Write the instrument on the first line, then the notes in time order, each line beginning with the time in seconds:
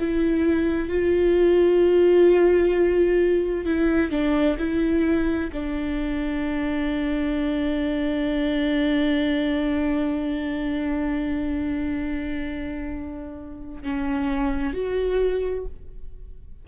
viola
0.00 E4
0.89 F4
3.66 E4
4.11 D4
4.59 E4
5.53 D4
13.83 C#4
14.74 F#4